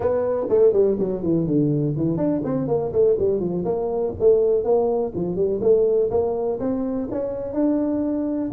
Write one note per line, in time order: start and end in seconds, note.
0.00 0.46 B3
0.49 0.72 A3
0.72 0.97 G3
0.99 1.22 F#3
1.22 1.47 E3
1.47 1.95 D3
1.96 2.17 E3
2.17 2.41 D4
2.44 2.67 C4
2.67 2.92 A#3
2.92 3.16 A3
3.18 3.39 G3
3.39 3.64 F3
3.65 4.13 A#3
4.19 4.63 A3
4.63 5.12 A#3
5.14 5.35 F3
5.35 5.60 G3
5.61 6.10 A3
6.10 6.59 A#3
6.59 7.08 C4
7.11 7.53 C#4
7.53 8.51 D4